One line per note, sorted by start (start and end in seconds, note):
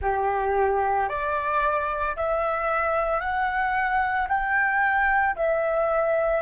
0.01 1.08 G4
1.09 2.16 D5
2.16 3.20 E5
3.20 4.27 F#5
4.28 5.35 G5
5.36 6.42 E5